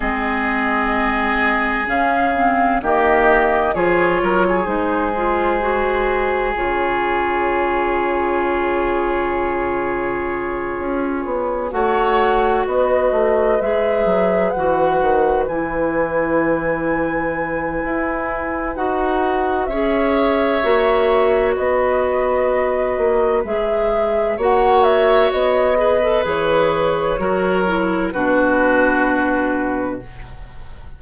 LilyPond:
<<
  \new Staff \with { instrumentName = "flute" } { \time 4/4 \tempo 4 = 64 dis''2 f''4 dis''4 | cis''4 c''2 cis''4~ | cis''1~ | cis''8 fis''4 dis''4 e''4 fis''8~ |
fis''8 gis''2.~ gis''8 | fis''4 e''2 dis''4~ | dis''4 e''4 fis''8 e''8 dis''4 | cis''2 b'2 | }
  \new Staff \with { instrumentName = "oboe" } { \time 4/4 gis'2. g'4 | gis'8 ais'16 gis'2.~ gis'16~ | gis'1~ | gis'8 cis''4 b'2~ b'8~ |
b'1~ | b'4 cis''2 b'4~ | b'2 cis''4. b'8~ | b'4 ais'4 fis'2 | }
  \new Staff \with { instrumentName = "clarinet" } { \time 4/4 c'2 cis'8 c'8 ais4 | f'4 dis'8 f'8 fis'4 f'4~ | f'1~ | f'8 fis'2 gis'4 fis'8~ |
fis'8 e'2.~ e'8 | fis'4 gis'4 fis'2~ | fis'4 gis'4 fis'4. gis'16 a'16 | gis'4 fis'8 e'8 d'2 | }
  \new Staff \with { instrumentName = "bassoon" } { \time 4/4 gis2 cis4 dis4 | f8 fis8 gis2 cis4~ | cis2.~ cis8 cis'8 | b8 a4 b8 a8 gis8 fis8 e8 |
dis8 e2~ e8 e'4 | dis'4 cis'4 ais4 b4~ | b8 ais8 gis4 ais4 b4 | e4 fis4 b,2 | }
>>